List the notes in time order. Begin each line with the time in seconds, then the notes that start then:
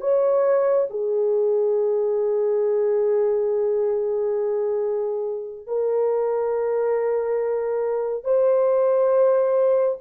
0.00 C#5
0.89 G#4
5.66 A#4
8.24 C5